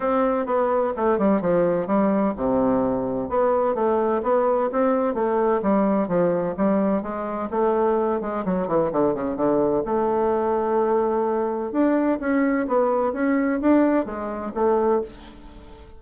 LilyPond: \new Staff \with { instrumentName = "bassoon" } { \time 4/4 \tempo 4 = 128 c'4 b4 a8 g8 f4 | g4 c2 b4 | a4 b4 c'4 a4 | g4 f4 g4 gis4 |
a4. gis8 fis8 e8 d8 cis8 | d4 a2.~ | a4 d'4 cis'4 b4 | cis'4 d'4 gis4 a4 | }